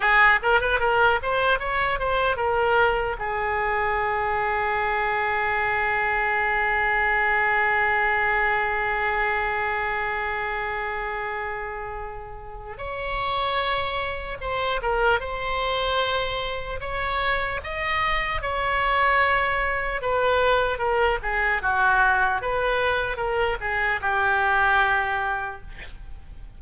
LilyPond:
\new Staff \with { instrumentName = "oboe" } { \time 4/4 \tempo 4 = 75 gis'8 ais'16 b'16 ais'8 c''8 cis''8 c''8 ais'4 | gis'1~ | gis'1~ | gis'1 |
cis''2 c''8 ais'8 c''4~ | c''4 cis''4 dis''4 cis''4~ | cis''4 b'4 ais'8 gis'8 fis'4 | b'4 ais'8 gis'8 g'2 | }